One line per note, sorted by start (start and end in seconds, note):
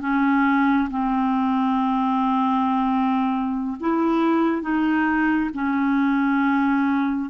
0.00 0.88 C#4
0.90 3.77 C4
3.80 4.62 E4
4.62 5.50 D#4
5.53 7.30 C#4